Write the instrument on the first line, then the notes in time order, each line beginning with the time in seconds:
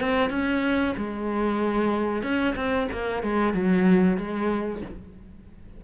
cello
0.00 C4
0.30 C#4
0.97 G#3
2.23 C#4
2.56 C4
2.92 A#3
3.23 G#3
3.54 F#3
4.17 G#3